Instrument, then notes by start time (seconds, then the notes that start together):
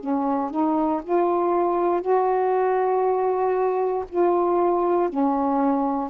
saxophone
0.00 C#4
0.51 D#4
1.04 F4
2.02 F#4
4.10 F4
5.09 C#4